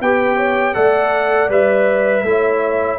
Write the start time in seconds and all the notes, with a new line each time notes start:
0.00 B3 G4 B4 G5
0.36 C#5
0.74 A3 A4 D5 F#5
1.49 G3 B4 E5
2.23 A3 E4 C#5